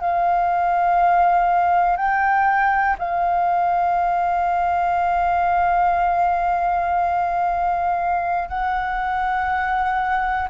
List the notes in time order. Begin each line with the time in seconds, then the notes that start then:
0.00 F5
1.96 G5
2.98 F5
8.49 F#5